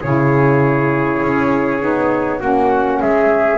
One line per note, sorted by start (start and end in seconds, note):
0.00 1.22 C#3
0.00 1.79 E4
0.00 2.39 G#4
0.00 2.41 C#5
1.22 1.82 C#4
1.79 2.41 B3
1.79 2.40 D#4
2.39 3.00 A#3
2.39 3.58 C#4
2.39 2.99 F#4
2.39 3.00 F#5
3.00 3.58 G#3
3.00 3.58 G#4
3.00 3.58 E5